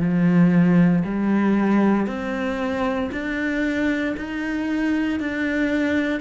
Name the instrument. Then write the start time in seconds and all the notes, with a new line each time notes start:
cello
0.00 F3
1.04 G3
2.06 C4
3.11 D4
4.17 D#4
5.20 D4